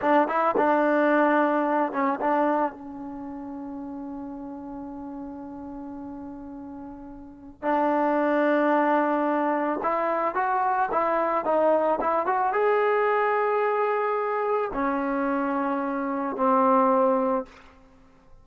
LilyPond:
\new Staff \with { instrumentName = "trombone" } { \time 4/4 \tempo 4 = 110 d'8 e'8 d'2~ d'8 cis'8 | d'4 cis'2.~ | cis'1~ | cis'2 d'2~ |
d'2 e'4 fis'4 | e'4 dis'4 e'8 fis'8 gis'4~ | gis'2. cis'4~ | cis'2 c'2 | }